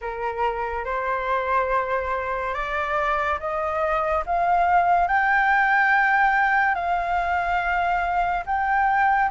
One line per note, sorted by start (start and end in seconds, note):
0.01 0.85 A#4
0.85 2.54 C5
2.54 3.38 D5
3.39 4.24 D#5
4.26 5.07 F5
5.07 6.75 G5
6.75 8.44 F5
8.46 9.30 G5